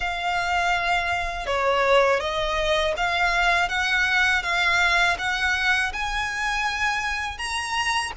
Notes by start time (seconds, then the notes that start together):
0.00 F5
1.46 C#5
2.20 D#5
2.96 F5
3.68 F#5
4.42 F5
5.18 F#5
5.93 G#5
7.38 A#5